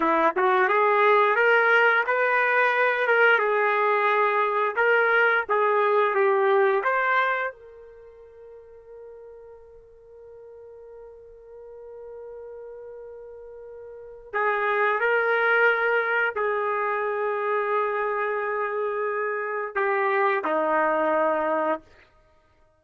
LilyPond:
\new Staff \with { instrumentName = "trumpet" } { \time 4/4 \tempo 4 = 88 e'8 fis'8 gis'4 ais'4 b'4~ | b'8 ais'8 gis'2 ais'4 | gis'4 g'4 c''4 ais'4~ | ais'1~ |
ais'1~ | ais'4 gis'4 ais'2 | gis'1~ | gis'4 g'4 dis'2 | }